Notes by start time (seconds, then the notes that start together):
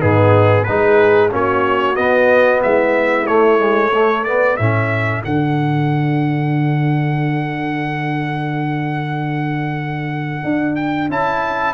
0.00 G#2 B3 D#4 G#4
0.63 G#3 D#4 G#4 B4
1.30 A#3 C#4 F#4 C#5
1.96 B3 D#5
2.62 G#3 E4 E5
3.26 A3 C#5
3.58 G#3
3.89 A3 A4
4.24 B3 D5
4.56 A2 C#4 E5
5.24 D3 D4 F#5
10.44 D4
10.76 G5
11.09 C#4 E4 A5